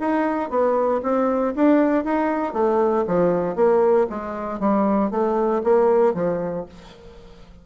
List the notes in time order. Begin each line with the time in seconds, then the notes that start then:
0.00 D#4
0.50 B3
1.03 C4
1.55 D4
2.04 D#4
2.53 A3
3.07 F3
3.56 A#3
4.10 G#3
4.60 G3
5.11 A3
5.64 A#3
6.14 F3